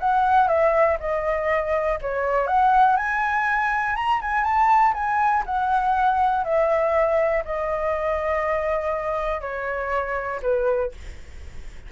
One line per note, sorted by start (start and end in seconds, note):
0.00 0.48 F#5
0.48 0.98 E5
1.00 1.99 D#5
2.02 2.47 C#5
2.47 2.97 F#5
2.97 3.96 G#5
3.96 4.21 A#5
4.22 4.44 G#5
4.44 4.94 A5
4.94 5.44 G#5
5.46 6.44 F#5
6.44 7.44 E5
7.45 9.41 D#5
9.41 10.40 C#5
10.42 10.92 B4